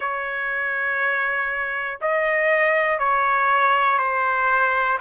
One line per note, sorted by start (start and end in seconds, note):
0.00 1.98 C#5
2.00 2.98 D#5
2.98 3.98 C#5
3.98 4.98 C5